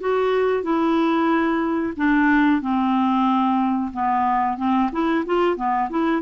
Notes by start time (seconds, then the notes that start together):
0.00 F#4
0.63 E4
1.96 D4
2.61 C4
3.93 B3
4.57 C4
4.92 E4
5.26 F4
5.56 B3
5.89 E4